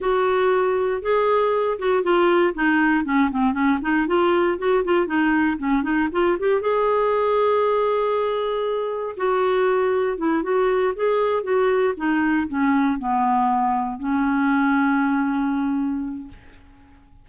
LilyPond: \new Staff \with { instrumentName = "clarinet" } { \time 4/4 \tempo 4 = 118 fis'2 gis'4. fis'8 | f'4 dis'4 cis'8 c'8 cis'8 dis'8 | f'4 fis'8 f'8 dis'4 cis'8 dis'8 | f'8 g'8 gis'2.~ |
gis'2 fis'2 | e'8 fis'4 gis'4 fis'4 dis'8~ | dis'8 cis'4 b2 cis'8~ | cis'1 | }